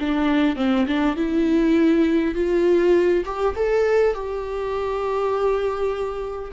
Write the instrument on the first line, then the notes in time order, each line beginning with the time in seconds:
viola
0.00 D4
0.56 C4
0.87 D4
1.16 E4
2.35 F4
3.25 G4
3.56 A4
4.14 G4